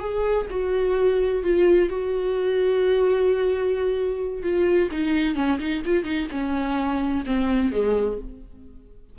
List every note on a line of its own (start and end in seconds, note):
0.00 0.47 G#4
0.50 1.43 F#4
1.43 1.89 F4
1.89 4.43 F#4
4.43 4.90 F4
4.92 5.36 D#4
5.36 5.59 C#4
5.59 5.83 D#4
5.85 6.04 F4
6.04 6.27 D#4
6.32 7.25 C#4
7.26 7.72 C4
7.72 8.19 G#3